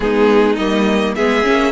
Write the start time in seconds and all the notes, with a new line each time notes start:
0.00 G#3 B3 D#4 G#4
0.56 G3 A#3 D#5
1.14 G#3 B3 G#4 E5
1.43 A#3 C#4